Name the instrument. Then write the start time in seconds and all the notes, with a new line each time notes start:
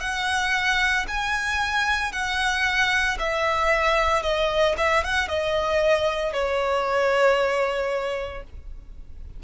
violin
0.00 F#5
1.07 G#5
2.12 F#5
3.19 E5
4.22 D#5
4.77 E5
5.03 F#5
5.28 D#5
6.33 C#5